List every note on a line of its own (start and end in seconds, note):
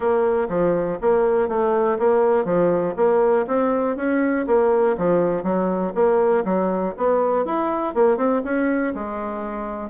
0.00 0.48 A#3
0.48 0.98 F3
1.01 1.48 A#3
1.48 1.98 A3
1.98 2.44 A#3
2.44 2.94 F3
2.96 3.46 A#3
3.47 3.96 C4
3.96 4.45 C#4
4.46 4.96 A#3
4.97 5.43 F3
5.43 5.93 F#3
5.94 6.44 A#3
6.45 6.94 F#3
6.97 7.45 B3
7.45 7.94 E4
7.94 8.17 A#3
8.17 8.41 C4
8.44 8.94 C#4
8.94 9.89 G#3